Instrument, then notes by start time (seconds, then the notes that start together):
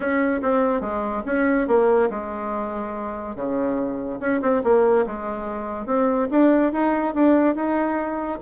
bassoon
0.00 C#4
0.42 C4
0.80 G#3
1.25 C#4
1.67 A#3
2.10 G#3
3.35 C#3
4.20 C#4
4.41 C4
4.63 A#3
5.06 G#3
5.86 C4
6.31 D4
6.72 D#4
7.14 D4
7.55 D#4